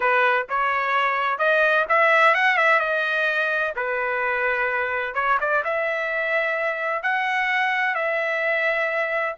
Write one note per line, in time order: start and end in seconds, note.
0.00 0.47 B4
0.49 1.38 C#5
1.38 1.85 D#5
1.88 2.34 E5
2.34 2.57 F#5
2.57 2.79 E5
2.79 3.73 D#5
3.76 5.14 B4
5.14 5.38 C#5
5.40 5.63 D5
5.64 7.02 E5
7.02 7.94 F#5
7.94 9.35 E5